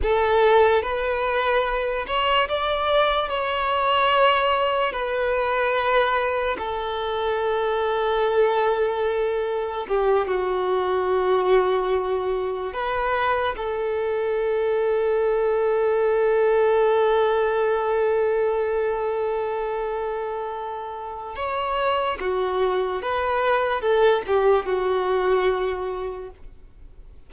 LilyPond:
\new Staff \with { instrumentName = "violin" } { \time 4/4 \tempo 4 = 73 a'4 b'4. cis''8 d''4 | cis''2 b'2 | a'1 | g'8 fis'2. b'8~ |
b'8 a'2.~ a'8~ | a'1~ | a'2 cis''4 fis'4 | b'4 a'8 g'8 fis'2 | }